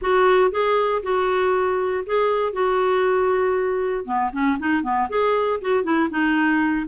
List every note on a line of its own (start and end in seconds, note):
0.01 0.51 F#4
0.51 1.02 G#4
1.02 2.04 F#4
2.06 2.52 G#4
2.52 4.05 F#4
4.05 4.30 B3
4.32 4.58 C#4
4.59 4.83 D#4
4.83 5.08 B3
5.09 5.60 G#4
5.61 5.83 F#4
5.83 6.09 E4
6.09 6.86 D#4